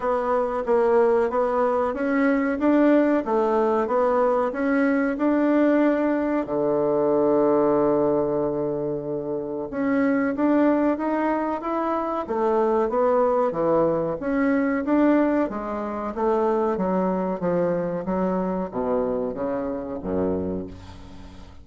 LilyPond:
\new Staff \with { instrumentName = "bassoon" } { \time 4/4 \tempo 4 = 93 b4 ais4 b4 cis'4 | d'4 a4 b4 cis'4 | d'2 d2~ | d2. cis'4 |
d'4 dis'4 e'4 a4 | b4 e4 cis'4 d'4 | gis4 a4 fis4 f4 | fis4 b,4 cis4 fis,4 | }